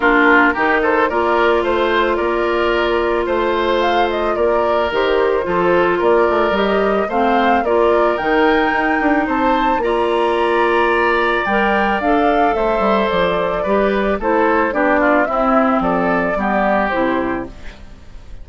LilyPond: <<
  \new Staff \with { instrumentName = "flute" } { \time 4/4 \tempo 4 = 110 ais'4. c''8 d''4 c''4 | d''2 c''4 f''8 dis''8 | d''4 c''2 d''4 | dis''4 f''4 d''4 g''4~ |
g''4 a''4 ais''2~ | ais''4 g''4 f''4 e''4 | d''2 c''4 d''4 | e''4 d''2 c''4 | }
  \new Staff \with { instrumentName = "oboe" } { \time 4/4 f'4 g'8 a'8 ais'4 c''4 | ais'2 c''2 | ais'2 a'4 ais'4~ | ais'4 c''4 ais'2~ |
ais'4 c''4 d''2~ | d''2. c''4~ | c''4 b'4 a'4 g'8 f'8 | e'4 a'4 g'2 | }
  \new Staff \with { instrumentName = "clarinet" } { \time 4/4 d'4 dis'4 f'2~ | f'1~ | f'4 g'4 f'2 | g'4 c'4 f'4 dis'4~ |
dis'2 f'2~ | f'4 ais'4 a'2~ | a'4 g'4 e'4 d'4 | c'2 b4 e'4 | }
  \new Staff \with { instrumentName = "bassoon" } { \time 4/4 ais4 dis4 ais4 a4 | ais2 a2 | ais4 dis4 f4 ais8 a8 | g4 a4 ais4 dis4 |
dis'8 d'8 c'4 ais2~ | ais4 g4 d'4 a8 g8 | f4 g4 a4 b4 | c'4 f4 g4 c4 | }
>>